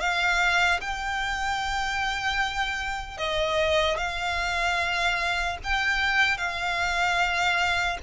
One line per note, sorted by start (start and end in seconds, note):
0.00 0.80 F5
0.81 3.17 G5
3.17 3.97 D#5
3.97 5.57 F5
5.63 6.37 G5
6.37 7.97 F5